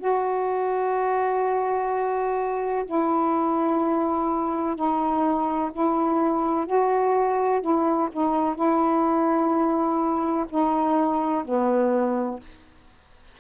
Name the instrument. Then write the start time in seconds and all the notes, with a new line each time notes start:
saxophone
0.00 F#4
2.86 E4
4.76 D#4
5.73 E4
6.67 F#4
7.61 E4
8.13 D#4
8.55 E4
10.50 D#4
11.45 B3